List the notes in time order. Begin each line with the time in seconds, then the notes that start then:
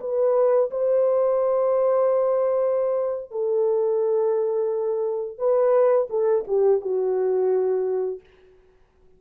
0.00 B4
0.70 C5
3.31 A4
5.38 B4
6.10 A4
6.47 G4
6.81 F#4